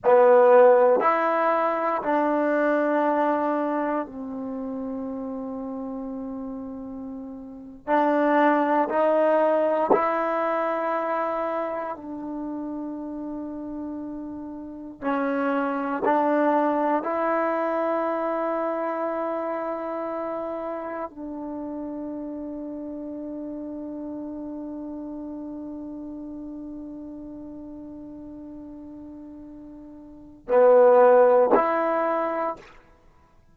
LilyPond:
\new Staff \with { instrumentName = "trombone" } { \time 4/4 \tempo 4 = 59 b4 e'4 d'2 | c'2.~ c'8. d'16~ | d'8. dis'4 e'2 d'16~ | d'2~ d'8. cis'4 d'16~ |
d'8. e'2.~ e'16~ | e'8. d'2.~ d'16~ | d'1~ | d'2 b4 e'4 | }